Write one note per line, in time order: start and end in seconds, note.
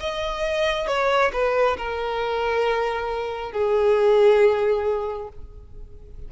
0.00 0.87 D#5
0.87 1.31 C#5
1.33 1.77 B4
1.77 3.52 A#4
3.52 5.28 G#4